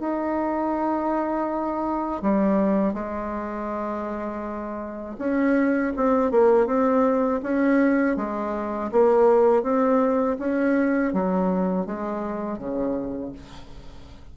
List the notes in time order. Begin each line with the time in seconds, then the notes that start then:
0.00 D#4
2.22 G3
2.94 G#3
5.19 C#4
5.97 C4
6.32 A#3
6.67 C4
7.43 C#4
8.17 G#3
8.92 A#3
9.63 C4
10.39 C#4
11.13 F#3
11.86 G#3
12.59 C#3